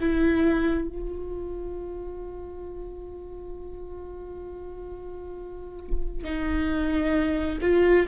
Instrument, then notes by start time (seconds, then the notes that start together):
viola
0.00 E4
0.89 F4
6.24 D#4
7.62 F4